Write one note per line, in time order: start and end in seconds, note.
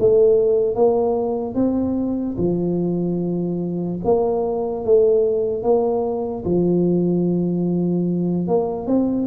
0.00 0.76 A3
0.76 1.55 A#3
1.55 2.36 C4
2.38 4.00 F3
4.05 4.85 A#3
4.85 5.63 A3
5.63 6.44 A#3
6.45 8.48 F3
8.48 8.87 A#3
8.87 9.27 C4